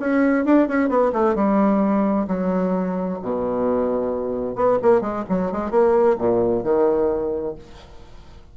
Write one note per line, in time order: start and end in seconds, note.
0.00 0.45 C#4
0.45 0.68 D4
0.68 0.89 C#4
0.89 1.12 B3
1.13 1.35 A3
1.35 2.27 G3
2.28 3.19 F#3
3.22 4.56 B2
4.56 4.78 B3
4.82 5.01 A#3
5.01 5.24 G#3
5.29 5.52 F#3
5.52 5.70 G#3
5.70 6.16 A#3
6.18 6.63 A#2
6.63 7.55 D#3